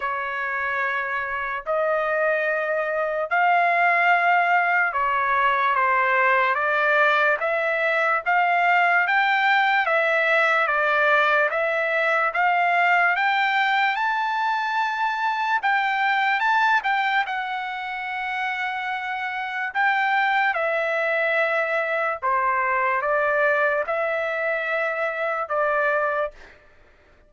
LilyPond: \new Staff \with { instrumentName = "trumpet" } { \time 4/4 \tempo 4 = 73 cis''2 dis''2 | f''2 cis''4 c''4 | d''4 e''4 f''4 g''4 | e''4 d''4 e''4 f''4 |
g''4 a''2 g''4 | a''8 g''8 fis''2. | g''4 e''2 c''4 | d''4 e''2 d''4 | }